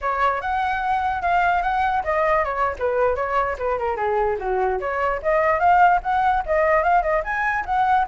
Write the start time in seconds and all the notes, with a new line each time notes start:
0.01 C#5
0.41 F#5
1.22 F5
1.62 F#5
2.03 D#5
2.45 C#5
2.78 B4
3.15 C#5
3.58 B4
3.78 A#4
3.96 G#4
4.39 F#4
4.79 C#5
5.22 D#5
5.59 F5
6.02 F#5
6.45 D#5
6.83 F5
7.02 D#5
7.24 G#5
7.65 F#5